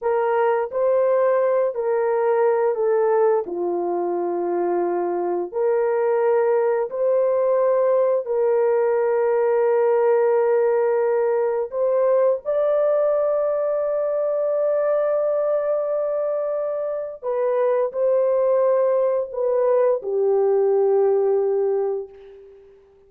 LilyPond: \new Staff \with { instrumentName = "horn" } { \time 4/4 \tempo 4 = 87 ais'4 c''4. ais'4. | a'4 f'2. | ais'2 c''2 | ais'1~ |
ais'4 c''4 d''2~ | d''1~ | d''4 b'4 c''2 | b'4 g'2. | }